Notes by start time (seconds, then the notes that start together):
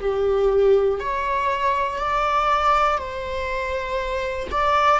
0.00 G4
1.00 C#5
1.99 D5
2.98 C5
4.51 D5